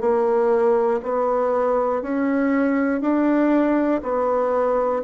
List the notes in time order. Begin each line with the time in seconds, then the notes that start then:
0.00 A#3
1.03 B3
2.02 C#4
3.01 D4
4.03 B3